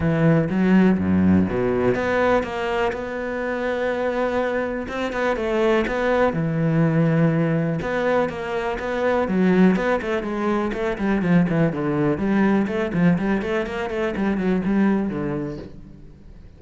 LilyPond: \new Staff \with { instrumentName = "cello" } { \time 4/4 \tempo 4 = 123 e4 fis4 fis,4 b,4 | b4 ais4 b2~ | b2 c'8 b8 a4 | b4 e2. |
b4 ais4 b4 fis4 | b8 a8 gis4 a8 g8 f8 e8 | d4 g4 a8 f8 g8 a8 | ais8 a8 g8 fis8 g4 d4 | }